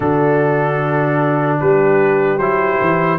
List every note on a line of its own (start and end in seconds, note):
0.00 1.59 D3
0.00 2.39 D4
0.00 1.60 F#4
0.00 1.58 A4
1.60 2.37 G3
1.60 3.18 G4
1.60 2.38 B4
2.37 2.77 F#3
2.37 3.18 E4
2.37 3.18 C5
2.81 3.18 E3